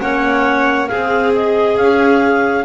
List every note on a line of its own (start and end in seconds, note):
0.00 0.90 A#3
0.00 0.88 C#4
0.00 0.89 C#5
0.00 0.87 F#5
0.87 1.78 C4
0.87 2.65 G#4
0.87 1.31 F5
1.36 1.78 D#5
1.78 2.65 C#4
1.78 2.65 F5